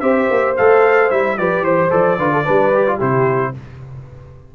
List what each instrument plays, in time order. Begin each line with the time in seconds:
0.00 tuba C4, trombone G4, horn C5, trumpet E5
0.30 tuba A#3
0.57 tuba A3, trombone A4, trumpet F5
1.10 tuba G3, trombone E4, trumpet E5
1.38 tuba F3, trombone G4, horn B4, trumpet D5
1.61 tuba E3, trumpet C5, horn C5
1.90 tuba F3, trombone A4, trumpet D5
2.18 tuba D3, trombone F4, horn B4
2.33 horn A4
2.44 tuba G3, trombone D4, horn B4
2.74 trombone G4
2.87 trombone F4
2.97 tuba C3, trombone E4, horn G4, trumpet C5